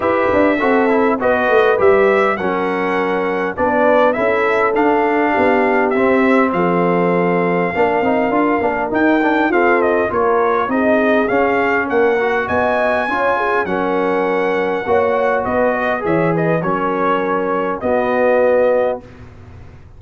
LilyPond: <<
  \new Staff \with { instrumentName = "trumpet" } { \time 4/4 \tempo 4 = 101 e''2 dis''4 e''4 | fis''2 d''4 e''4 | f''2 e''4 f''4~ | f''2. g''4 |
f''8 dis''8 cis''4 dis''4 f''4 | fis''4 gis''2 fis''4~ | fis''2 dis''4 e''8 dis''8 | cis''2 dis''2 | }
  \new Staff \with { instrumentName = "horn" } { \time 4/4 b'4 a'4 b'2 | ais'2 b'4 a'4~ | a'4 g'2 a'4~ | a'4 ais'2. |
a'4 ais'4 gis'2 | ais'4 dis''4 cis''8 gis'8 ais'4~ | ais'4 cis''4 b'8 dis''8 cis''8 b'8 | ais'2 fis'2 | }
  \new Staff \with { instrumentName = "trombone" } { \time 4/4 g'4 fis'8 e'8 fis'4 g'4 | cis'2 d'4 e'4 | d'2 c'2~ | c'4 d'8 dis'8 f'8 d'8 dis'8 d'8 |
c'4 f'4 dis'4 cis'4~ | cis'8 fis'4. f'4 cis'4~ | cis'4 fis'2 gis'4 | cis'2 b2 | }
  \new Staff \with { instrumentName = "tuba" } { \time 4/4 e'8 d'8 c'4 b8 a8 g4 | fis2 b4 cis'4 | d'4 b4 c'4 f4~ | f4 ais8 c'8 d'8 ais8 dis'4 |
f'4 ais4 c'4 cis'4 | ais4 b4 cis'4 fis4~ | fis4 ais4 b4 e4 | fis2 b2 | }
>>